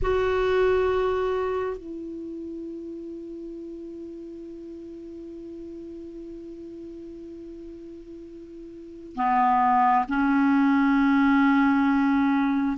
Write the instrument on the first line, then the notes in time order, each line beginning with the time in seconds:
clarinet
0.02 F#4
1.77 E4
9.15 B3
10.08 C#4